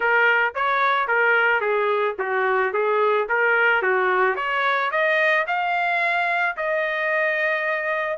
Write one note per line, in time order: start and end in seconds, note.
0.00 0.54 A#4
0.55 1.07 C#5
1.07 1.60 A#4
1.60 2.15 G#4
2.18 2.73 F#4
2.73 3.27 G#4
3.28 3.82 A#4
3.82 4.36 F#4
4.36 4.90 C#5
4.91 5.45 D#5
5.47 6.56 F5
6.57 8.17 D#5